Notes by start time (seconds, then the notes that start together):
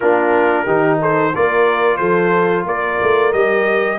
0.00 A#3 D4 F4 A#4
0.65 D#3 D#4 G4
1.00 A4 C5
1.35 A#3 F4 A#4 D5
1.96 F3 A4 C5
2.65 A#3 A#4 D5
3.02 A3
3.32 G3 G4 D#5